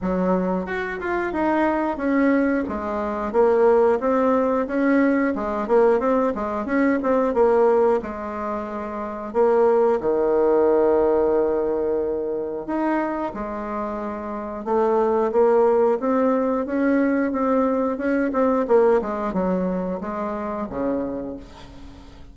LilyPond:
\new Staff \with { instrumentName = "bassoon" } { \time 4/4 \tempo 4 = 90 fis4 fis'8 f'8 dis'4 cis'4 | gis4 ais4 c'4 cis'4 | gis8 ais8 c'8 gis8 cis'8 c'8 ais4 | gis2 ais4 dis4~ |
dis2. dis'4 | gis2 a4 ais4 | c'4 cis'4 c'4 cis'8 c'8 | ais8 gis8 fis4 gis4 cis4 | }